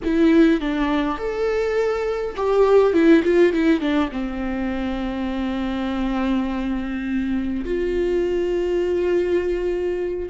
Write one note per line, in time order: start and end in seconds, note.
0.04 0.60 E4
0.60 1.18 D4
1.18 2.35 A4
2.36 2.93 G4
2.93 3.22 E4
3.23 3.52 F4
3.52 3.80 E4
3.80 4.09 D4
4.11 7.64 C4
7.64 10.29 F4